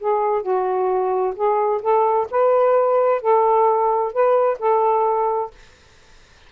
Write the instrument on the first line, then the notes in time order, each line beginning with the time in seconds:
saxophone
0.00 G#4
0.42 F#4
1.36 G#4
1.81 A4
2.30 B4
3.21 A4
4.12 B4
4.59 A4